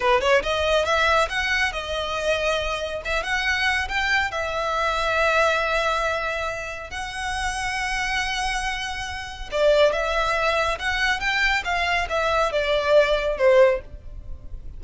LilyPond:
\new Staff \with { instrumentName = "violin" } { \time 4/4 \tempo 4 = 139 b'8 cis''8 dis''4 e''4 fis''4 | dis''2. e''8 fis''8~ | fis''4 g''4 e''2~ | e''1 |
fis''1~ | fis''2 d''4 e''4~ | e''4 fis''4 g''4 f''4 | e''4 d''2 c''4 | }